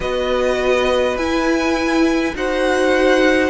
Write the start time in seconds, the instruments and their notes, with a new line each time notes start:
0.00 cello B3, viola F#4, violin B4 D#5
1.15 cello E4, viola E4, violin G#5
2.35 cello D#4, viola F#4, violin C5 F#5